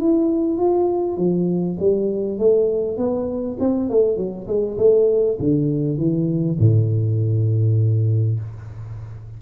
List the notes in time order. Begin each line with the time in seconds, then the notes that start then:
0.00 E4
0.58 F4
1.18 F3
1.80 G3
2.39 A3
2.98 B3
3.60 C4
3.90 A3
4.17 F#3
4.48 G#3
4.78 A3
5.40 D3
5.98 E3
6.60 A2